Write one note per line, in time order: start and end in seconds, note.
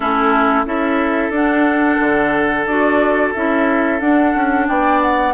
0.00 0.65 A3
0.00 0.65 C#4
0.00 0.65 E4
0.00 0.65 A4
0.65 1.29 C#4
0.65 1.32 E4
0.65 4.67 A4
0.65 1.32 E5
1.29 1.96 D4
1.29 2.67 D4
1.29 2.66 F#5
1.99 2.66 D3
2.66 3.32 D4
2.66 3.34 F#4
2.66 3.32 D5
3.33 4.01 C#4
3.33 3.99 E4
3.33 4.00 E5
3.99 5.33 D4
3.99 4.34 D4
3.99 4.66 F#5
4.34 4.68 C#4
4.68 5.33 B3
4.68 5.33 D5
4.68 5.01 G5
5.01 5.33 F#5